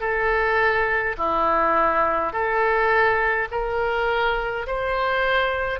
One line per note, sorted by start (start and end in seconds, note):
0.00 1.15 A4
1.17 2.32 E4
2.32 3.48 A4
3.51 4.66 A#4
4.67 5.80 C5